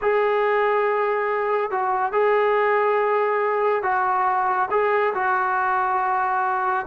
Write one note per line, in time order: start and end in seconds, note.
0.01 1.70 G#4
1.70 2.12 F#4
2.12 3.83 G#4
3.83 4.68 F#4
4.70 5.13 G#4
5.14 6.86 F#4